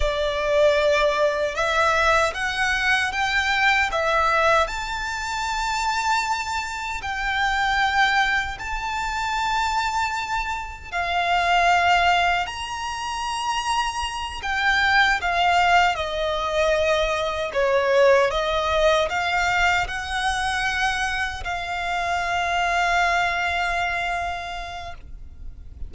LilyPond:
\new Staff \with { instrumentName = "violin" } { \time 4/4 \tempo 4 = 77 d''2 e''4 fis''4 | g''4 e''4 a''2~ | a''4 g''2 a''4~ | a''2 f''2 |
ais''2~ ais''8 g''4 f''8~ | f''8 dis''2 cis''4 dis''8~ | dis''8 f''4 fis''2 f''8~ | f''1 | }